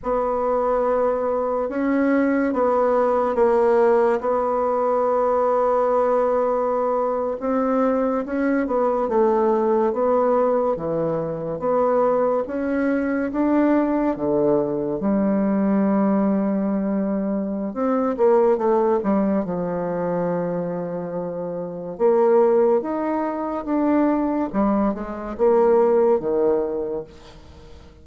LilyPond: \new Staff \with { instrumentName = "bassoon" } { \time 4/4 \tempo 4 = 71 b2 cis'4 b4 | ais4 b2.~ | b8. c'4 cis'8 b8 a4 b16~ | b8. e4 b4 cis'4 d'16~ |
d'8. d4 g2~ g16~ | g4 c'8 ais8 a8 g8 f4~ | f2 ais4 dis'4 | d'4 g8 gis8 ais4 dis4 | }